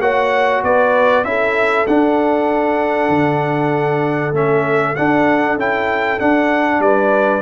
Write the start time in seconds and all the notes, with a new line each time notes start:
0.00 A#3 F#4 C#5 F#5
0.63 B3 B4 D5
1.24 C#4 E4 A4 E5
1.87 D4 F#5
3.09 D3
4.33 A3 C#4 E5
4.96 D4 F#5
5.57 C#4 E4 G5
6.19 D4 F#5
6.80 G3 B4 D5